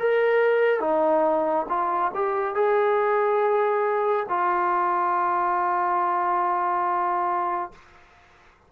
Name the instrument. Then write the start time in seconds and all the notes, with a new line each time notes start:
trombone
0.00 A#4
0.80 D#4
1.69 F4
2.15 G4
2.55 G#4
4.29 F4